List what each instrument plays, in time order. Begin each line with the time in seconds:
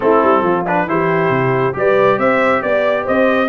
0.00 tuba A3, trombone C4, horn E4, trumpet A4
0.23 tuba G3
0.42 tuba F3, horn F4
0.66 trombone D4, trumpet B4
0.86 tuba E3, trombone E4, horn G4, trumpet C5
1.29 tuba C3
1.73 tuba G3, trombone G4, horn B4, trumpet D5
2.17 tuba C4, horn C5, trumpet E5
2.61 tuba B3, trumpet D5, horn D5
3.04 tuba C4, horn C5, trumpet D#5